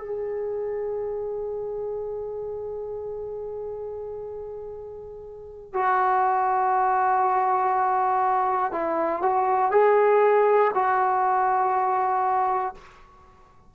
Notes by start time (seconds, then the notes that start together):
0.00 G#4
5.74 F#4
8.72 E4
9.23 F#4
9.71 G#4
10.75 F#4